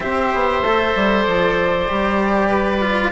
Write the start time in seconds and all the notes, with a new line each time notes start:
0.00 C4 G4 C5 E5
0.34 B3
0.62 A3 A4
0.95 G3
1.23 F3 D5
1.88 G3 G4
2.49 B4
2.81 F4